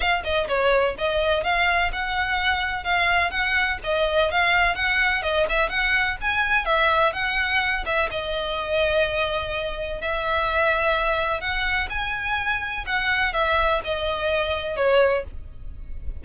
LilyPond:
\new Staff \with { instrumentName = "violin" } { \time 4/4 \tempo 4 = 126 f''8 dis''8 cis''4 dis''4 f''4 | fis''2 f''4 fis''4 | dis''4 f''4 fis''4 dis''8 e''8 | fis''4 gis''4 e''4 fis''4~ |
fis''8 e''8 dis''2.~ | dis''4 e''2. | fis''4 gis''2 fis''4 | e''4 dis''2 cis''4 | }